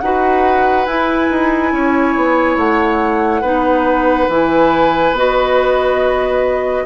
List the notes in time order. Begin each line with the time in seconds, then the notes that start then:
0.00 D#4 F#4 B4 F#5
0.86 E4 G#5
1.30 D#4
1.73 C#4 C#5
2.16 B3
2.57 A3 F#5
3.42 B3 D#4 B4
4.29 E3 E4 G#5
5.13 B3 F#4 D#5